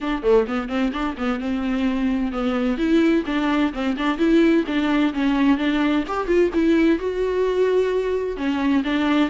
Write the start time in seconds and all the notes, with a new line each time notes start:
0.01 D4
0.22 A3
0.47 B3
0.68 C4
0.92 D4
1.17 B3
1.40 C4
2.32 B3
2.77 E4
3.26 D4
3.73 C4
3.97 D4
4.18 E4
4.66 D4
5.13 C#4
5.57 D4
6.07 G4
6.27 F4
6.53 E4
6.98 F#4
8.36 C#4
8.84 D4